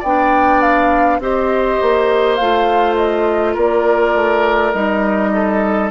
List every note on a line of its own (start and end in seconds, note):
0.00 1.20 B3
0.00 1.21 D4
0.00 1.18 D5
0.00 0.62 G5
0.62 1.20 F5
1.20 1.79 C4
1.20 2.39 G4
1.20 3.54 C5
1.20 2.36 D#5
1.82 2.40 A#3
2.36 3.57 A3
2.36 4.75 F4
2.36 2.95 F5
2.96 3.55 D#5
3.54 4.15 A#3
3.54 5.31 A#4
3.54 4.73 D5
4.15 4.74 A3
4.73 5.91 G3
4.73 5.91 D#4
4.73 5.90 D#5
5.34 5.91 A4